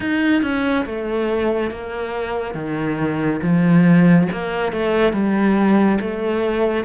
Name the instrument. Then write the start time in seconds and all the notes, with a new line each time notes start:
cello
0.00 D#4
0.42 C#4
0.85 A3
1.70 A#3
2.54 D#3
3.42 F3
4.31 A#3
4.72 A3
5.12 G3
6.00 A3